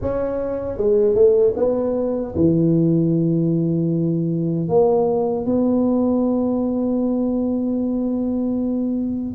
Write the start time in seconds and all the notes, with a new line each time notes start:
0.01 C#4
0.77 G#3
1.14 A3
1.56 B3
2.35 E3
4.68 A#3
5.45 B3